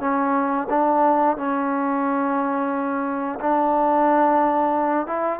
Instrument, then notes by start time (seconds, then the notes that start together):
trombone
0.00 C#4
0.70 D4
1.37 C#4
3.40 D4
5.07 E4